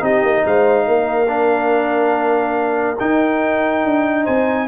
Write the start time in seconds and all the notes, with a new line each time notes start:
0.00 C4 D#4 G4 D#5
0.23 A#3
0.45 G#3 C5 F5
0.87 A#3 A#4
1.28 D4
2.99 D#4 G5
3.85 D4
4.24 C4 C5 G#5